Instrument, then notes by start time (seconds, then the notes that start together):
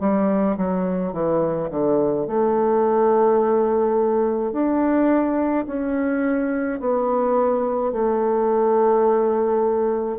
bassoon
0.00 G3
0.57 F#3
1.13 E3
1.70 D3
2.27 A3
4.52 D4
5.67 C#4
6.80 B3
7.92 A3